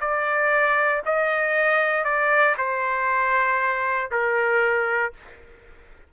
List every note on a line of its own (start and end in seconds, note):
0.00 1.02 D5
1.05 2.04 D#5
2.04 2.55 D5
2.57 4.10 C5
4.11 5.13 A#4